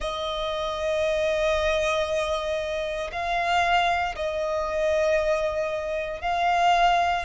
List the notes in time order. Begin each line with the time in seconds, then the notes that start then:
0.00 D#5
3.11 F5
4.15 D#5
6.21 F5